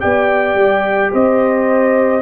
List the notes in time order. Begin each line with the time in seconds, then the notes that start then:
0.00 B3 G4 D5 G5
0.54 G3
1.12 C4 C5 D#5